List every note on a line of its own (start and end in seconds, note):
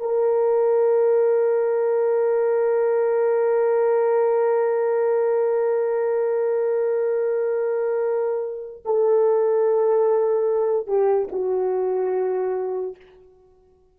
0.00 8.84 A#4
8.85 10.88 A4
10.88 11.29 G4
11.32 12.96 F#4